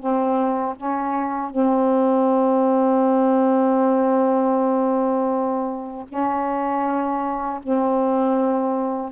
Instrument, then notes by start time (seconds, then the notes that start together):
saxophone
0.00 C4
0.77 C#4
1.51 C4
6.09 C#4
7.63 C4